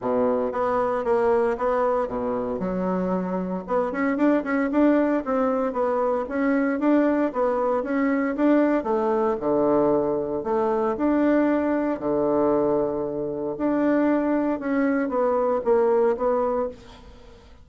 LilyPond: \new Staff \with { instrumentName = "bassoon" } { \time 4/4 \tempo 4 = 115 b,4 b4 ais4 b4 | b,4 fis2 b8 cis'8 | d'8 cis'8 d'4 c'4 b4 | cis'4 d'4 b4 cis'4 |
d'4 a4 d2 | a4 d'2 d4~ | d2 d'2 | cis'4 b4 ais4 b4 | }